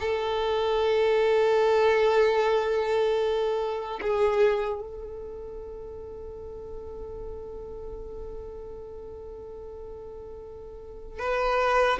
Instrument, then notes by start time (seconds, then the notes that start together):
violin
0.00 A4
4.01 G#4
4.81 A4
11.19 B4